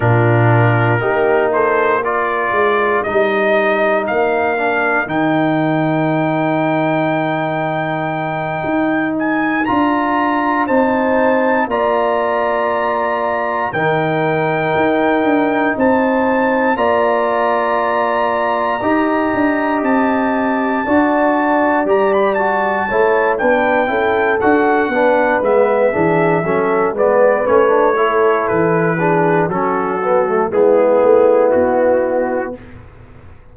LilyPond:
<<
  \new Staff \with { instrumentName = "trumpet" } { \time 4/4 \tempo 4 = 59 ais'4. c''8 d''4 dis''4 | f''4 g''2.~ | g''4 gis''8 ais''4 a''4 ais''8~ | ais''4. g''2 a''8~ |
a''8 ais''2. a''8~ | a''4. ais''16 b''16 a''4 g''4 | fis''4 e''4. d''8 cis''4 | b'4 a'4 gis'4 fis'4 | }
  \new Staff \with { instrumentName = "horn" } { \time 4/4 f'4 g'8 a'8 ais'2~ | ais'1~ | ais'2~ ais'8 c''4 d''8~ | d''4. ais'2 c''8~ |
c''8 d''2 dis''4.~ | dis''8 d''2 cis''8 b'8 a'8~ | a'8 b'4 gis'8 a'8 b'4 a'8~ | a'8 gis'8 fis'4 e'2 | }
  \new Staff \with { instrumentName = "trombone" } { \time 4/4 d'4 dis'4 f'4 dis'4~ | dis'8 d'8 dis'2.~ | dis'4. f'4 dis'4 f'8~ | f'4. dis'2~ dis'8~ |
dis'8 f'2 g'4.~ | g'8 fis'4 g'8 fis'8 e'8 d'8 e'8 | fis'8 d'8 b8 d'8 cis'8 b8 cis'16 d'16 e'8~ | e'8 d'8 cis'8 b16 a16 b2 | }
  \new Staff \with { instrumentName = "tuba" } { \time 4/4 ais,4 ais4. gis8 g4 | ais4 dis2.~ | dis8 dis'4 d'4 c'4 ais8~ | ais4. dis4 dis'8 d'8 c'8~ |
c'8 ais2 dis'8 d'8 c'8~ | c'8 d'4 g4 a8 b8 cis'8 | d'8 b8 gis8 e8 fis8 gis8 a4 | e4 fis4 gis8 a8 b4 | }
>>